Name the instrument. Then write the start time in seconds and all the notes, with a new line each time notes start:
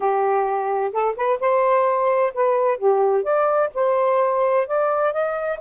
saxophone
0.00 G4
0.92 A4
1.16 B4
1.40 C5
2.34 B4
2.78 G4
3.23 D5
3.74 C5
4.67 D5
5.12 D#5